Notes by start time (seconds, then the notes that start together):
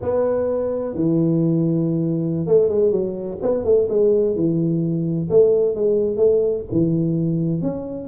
0.01 B3
0.94 E3
2.46 A3
2.68 G#3
2.91 F#3
3.42 B3
3.64 A3
3.89 G#3
4.35 E3
5.29 A3
5.75 G#3
6.16 A3
6.71 E3
7.62 C#4